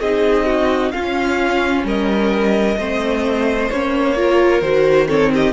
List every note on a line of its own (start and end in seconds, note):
0.00 0.92 C4
0.00 0.93 D#4
0.00 0.46 G#4
0.00 0.91 D#5
0.46 0.92 F#4
0.91 2.78 C#4
0.91 1.84 C#4
0.91 1.85 F4
0.91 1.83 F5
1.84 2.76 G3
1.84 2.77 A#4
1.84 3.70 D#5
2.77 3.69 A3
2.77 3.72 C4
2.77 4.16 C5
3.70 4.61 A#3
3.70 4.16 C#4
3.70 4.61 C#5
4.16 4.62 F4
4.16 5.07 A#4
4.61 5.52 D#3
4.61 5.07 F#4
4.61 5.07 C5
5.07 5.52 C4
5.07 5.30 A4
5.07 5.32 C#5
5.33 5.52 G4
5.33 5.52 D#5